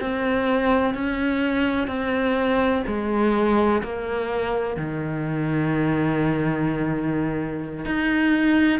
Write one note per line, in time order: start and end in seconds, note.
0.00 0.94 C4
0.94 1.87 C#4
1.87 2.83 C4
2.87 3.82 G#3
3.83 4.77 A#3
4.77 7.86 D#3
7.86 8.80 D#4